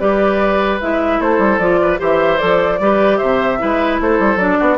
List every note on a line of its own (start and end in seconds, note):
0.00 0.81 G3
0.00 0.81 G4
0.00 1.20 B4
0.00 0.80 D5
0.81 1.21 G#3
0.81 1.61 E4
0.81 1.21 E5
1.20 1.39 A3
1.20 1.80 A4
1.20 1.59 C5
1.39 1.59 G3
1.59 1.99 F3
1.59 1.98 F4
1.59 1.99 D5
1.82 2.00 B4
1.98 2.42 E3
1.98 2.38 G4
1.98 2.80 C5
1.98 2.38 E5
2.38 2.80 F3
2.38 2.79 A4
2.38 3.18 D5
2.80 3.20 G3
2.80 3.59 G4
2.80 3.18 B4
3.18 3.63 C3
3.18 3.58 C5
3.18 3.98 E5
3.59 4.01 G#3
3.59 4.39 E4
3.59 4.02 B4
4.01 4.20 A3
4.01 4.59 A4
4.01 4.38 C5
4.20 4.37 G3
4.37 4.57 F#3
4.37 4.78 D4
4.37 4.78 D5
4.59 4.78 B3
4.59 4.78 F#4